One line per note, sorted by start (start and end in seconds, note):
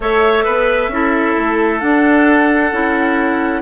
0.00 0.44 A3
0.00 0.92 A4
0.00 0.44 C#5
0.00 1.79 E5
0.44 0.88 B3
0.44 0.89 B4
0.88 1.33 C#4
0.88 1.80 E4
0.88 3.62 A4
1.37 1.82 A3
1.79 2.71 D4
1.79 2.72 D4
1.79 3.61 F#5
2.72 3.62 C#4
2.72 3.62 E4